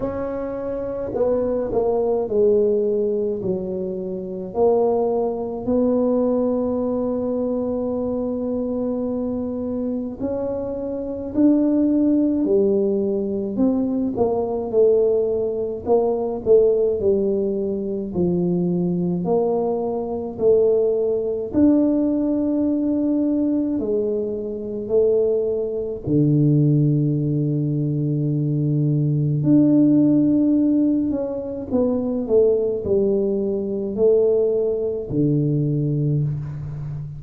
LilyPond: \new Staff \with { instrumentName = "tuba" } { \time 4/4 \tempo 4 = 53 cis'4 b8 ais8 gis4 fis4 | ais4 b2.~ | b4 cis'4 d'4 g4 | c'8 ais8 a4 ais8 a8 g4 |
f4 ais4 a4 d'4~ | d'4 gis4 a4 d4~ | d2 d'4. cis'8 | b8 a8 g4 a4 d4 | }